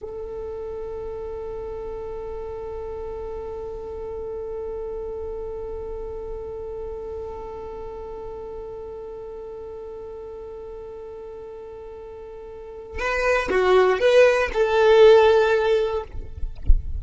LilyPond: \new Staff \with { instrumentName = "violin" } { \time 4/4 \tempo 4 = 120 a'1~ | a'1~ | a'1~ | a'1~ |
a'1~ | a'1~ | a'2 b'4 fis'4 | b'4 a'2. | }